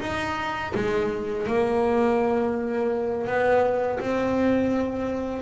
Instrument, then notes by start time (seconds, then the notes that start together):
double bass
0.00 D#4
0.74 G#3
1.47 A#3
3.27 B3
3.99 C4